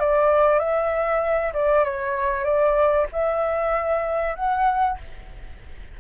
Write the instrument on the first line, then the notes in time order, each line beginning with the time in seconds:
flute
0.00 D5
0.59 E5
1.54 D5
1.84 C#5
2.44 D5
3.12 E5
4.36 F#5